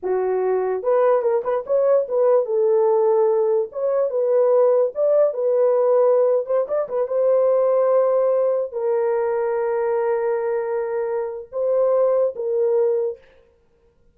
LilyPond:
\new Staff \with { instrumentName = "horn" } { \time 4/4 \tempo 4 = 146 fis'2 b'4 ais'8 b'8 | cis''4 b'4 a'2~ | a'4 cis''4 b'2 | d''4 b'2~ b'8. c''16~ |
c''16 d''8 b'8 c''2~ c''8.~ | c''4~ c''16 ais'2~ ais'8.~ | ais'1 | c''2 ais'2 | }